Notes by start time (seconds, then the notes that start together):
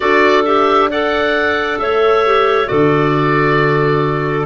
0.00 D4 F#4 A4 D5
0.45 G4 E5
0.90 A4 D5 F#5
1.78 A3 C#5 E5
2.26 G4
2.65 D3 F#4 A4 D5